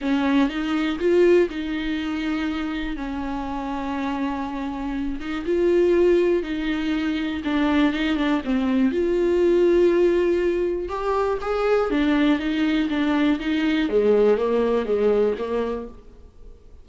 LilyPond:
\new Staff \with { instrumentName = "viola" } { \time 4/4 \tempo 4 = 121 cis'4 dis'4 f'4 dis'4~ | dis'2 cis'2~ | cis'2~ cis'8 dis'8 f'4~ | f'4 dis'2 d'4 |
dis'8 d'8 c'4 f'2~ | f'2 g'4 gis'4 | d'4 dis'4 d'4 dis'4 | gis4 ais4 gis4 ais4 | }